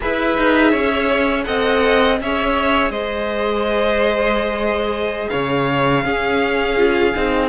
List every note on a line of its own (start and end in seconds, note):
0.00 0.37 E4
0.00 1.44 G#4
0.00 0.71 B4
0.00 1.44 E5
0.37 0.72 D#4
0.71 1.45 C#4
0.71 1.44 C#5
1.44 2.20 C4
1.44 2.17 A4
1.44 2.19 D#5
1.44 2.17 F#5
2.20 2.89 C#4
2.20 6.04 G#4
2.20 2.91 C#5
2.20 2.91 E5
2.89 5.27 G#3
2.89 5.29 C5
2.89 5.29 D#5
5.29 6.04 C#3
5.29 6.04 C#5
5.29 7.48 F5
6.04 6.77 C#4
6.04 7.14 C#4
6.04 7.49 G#4
6.77 7.13 F4
7.15 7.49 C4
7.15 7.49 D#4